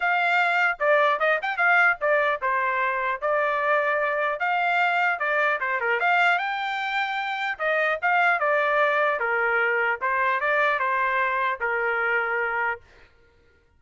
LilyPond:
\new Staff \with { instrumentName = "trumpet" } { \time 4/4 \tempo 4 = 150 f''2 d''4 dis''8 g''8 | f''4 d''4 c''2 | d''2. f''4~ | f''4 d''4 c''8 ais'8 f''4 |
g''2. dis''4 | f''4 d''2 ais'4~ | ais'4 c''4 d''4 c''4~ | c''4 ais'2. | }